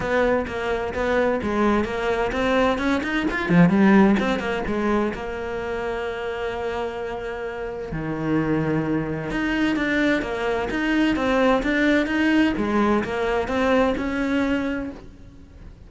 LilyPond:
\new Staff \with { instrumentName = "cello" } { \time 4/4 \tempo 4 = 129 b4 ais4 b4 gis4 | ais4 c'4 cis'8 dis'8 f'8 f8 | g4 c'8 ais8 gis4 ais4~ | ais1~ |
ais4 dis2. | dis'4 d'4 ais4 dis'4 | c'4 d'4 dis'4 gis4 | ais4 c'4 cis'2 | }